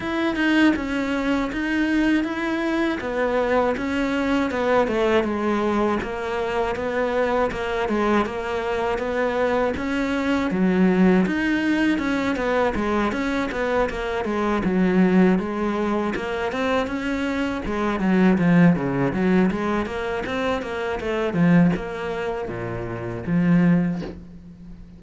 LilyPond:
\new Staff \with { instrumentName = "cello" } { \time 4/4 \tempo 4 = 80 e'8 dis'8 cis'4 dis'4 e'4 | b4 cis'4 b8 a8 gis4 | ais4 b4 ais8 gis8 ais4 | b4 cis'4 fis4 dis'4 |
cis'8 b8 gis8 cis'8 b8 ais8 gis8 fis8~ | fis8 gis4 ais8 c'8 cis'4 gis8 | fis8 f8 cis8 fis8 gis8 ais8 c'8 ais8 | a8 f8 ais4 ais,4 f4 | }